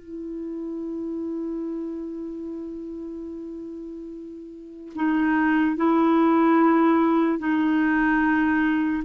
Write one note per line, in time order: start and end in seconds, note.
0.00 4.93 E4
4.95 5.76 D#4
5.76 7.39 E4
7.39 9.03 D#4